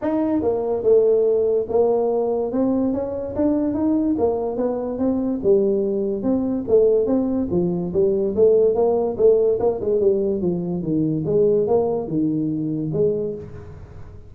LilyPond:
\new Staff \with { instrumentName = "tuba" } { \time 4/4 \tempo 4 = 144 dis'4 ais4 a2 | ais2 c'4 cis'4 | d'4 dis'4 ais4 b4 | c'4 g2 c'4 |
a4 c'4 f4 g4 | a4 ais4 a4 ais8 gis8 | g4 f4 dis4 gis4 | ais4 dis2 gis4 | }